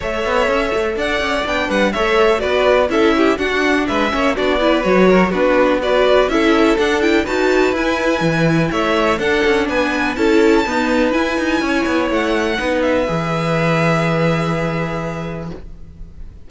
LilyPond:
<<
  \new Staff \with { instrumentName = "violin" } { \time 4/4 \tempo 4 = 124 e''2 fis''4 g''8 fis''8 | e''4 d''4 e''4 fis''4 | e''4 d''4 cis''4 b'4 | d''4 e''4 fis''8 g''8 a''4 |
gis''2 e''4 fis''4 | gis''4 a''2 gis''4~ | gis''4 fis''4. e''4.~ | e''1 | }
  \new Staff \with { instrumentName = "violin" } { \time 4/4 cis''2 d''4. b'8 | cis''4 b'4 a'8 g'8 fis'4 | b'8 cis''8 fis'8 b'4 ais'8 fis'4 | b'4 a'2 b'4~ |
b'2 cis''4 a'4 | b'4 a'4 b'2 | cis''2 b'2~ | b'1 | }
  \new Staff \with { instrumentName = "viola" } { \time 4/4 a'2. d'4 | a'4 fis'4 e'4 d'4~ | d'8 cis'8 d'8 e'8 fis'4 d'4 | fis'4 e'4 d'8 e'8 fis'4 |
e'2. d'4~ | d'4 e'4 b4 e'4~ | e'2 dis'4 gis'4~ | gis'1 | }
  \new Staff \with { instrumentName = "cello" } { \time 4/4 a8 b8 cis'8 a8 d'8 cis'8 b8 g8 | a4 b4 cis'4 d'4 | gis8 ais8 b4 fis4 b4~ | b4 cis'4 d'4 dis'4 |
e'4 e4 a4 d'8 cis'8 | b4 cis'4 dis'4 e'8 dis'8 | cis'8 b8 a4 b4 e4~ | e1 | }
>>